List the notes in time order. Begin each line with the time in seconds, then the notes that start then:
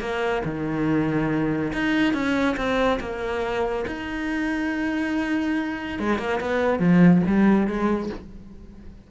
0.00 A#3
0.45 D#3
1.73 D#4
2.14 C#4
2.57 C4
3.00 A#3
3.87 D#4
5.99 G#3
6.19 A#3
6.41 B3
6.79 F3
7.27 G3
7.67 G#3